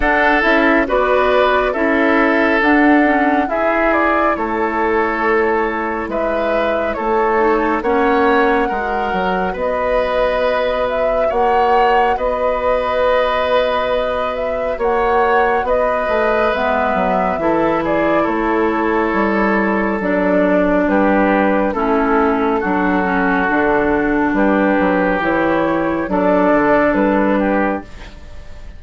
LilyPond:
<<
  \new Staff \with { instrumentName = "flute" } { \time 4/4 \tempo 4 = 69 fis''8 e''8 d''4 e''4 fis''4 | e''8 d''8 cis''2 e''4 | cis''4 fis''2 dis''4~ | dis''8 e''8 fis''4 dis''2~ |
dis''8 e''8 fis''4 dis''4 e''4~ | e''8 d''8 cis''2 d''4 | b'4 a'2. | b'4 cis''4 d''4 b'4 | }
  \new Staff \with { instrumentName = "oboe" } { \time 4/4 a'4 b'4 a'2 | gis'4 a'2 b'4 | a'4 cis''4 ais'4 b'4~ | b'4 cis''4 b'2~ |
b'4 cis''4 b'2 | a'8 gis'8 a'2. | g'4 e'4 fis'2 | g'2 a'4. g'8 | }
  \new Staff \with { instrumentName = "clarinet" } { \time 4/4 d'8 e'8 fis'4 e'4 d'8 cis'8 | e'1~ | e'8 dis'8 cis'4 fis'2~ | fis'1~ |
fis'2. b4 | e'2. d'4~ | d'4 cis'4 d'8 cis'8 d'4~ | d'4 e'4 d'2 | }
  \new Staff \with { instrumentName = "bassoon" } { \time 4/4 d'8 cis'8 b4 cis'4 d'4 | e'4 a2 gis4 | a4 ais4 gis8 fis8 b4~ | b4 ais4 b2~ |
b4 ais4 b8 a8 gis8 fis8 | e4 a4 g4 fis4 | g4 a4 fis4 d4 | g8 fis8 e4 fis8 d8 g4 | }
>>